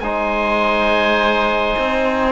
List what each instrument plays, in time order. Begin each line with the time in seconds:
0.00 cello G#3, trombone D#4, oboe C5 G#5
1.78 cello C4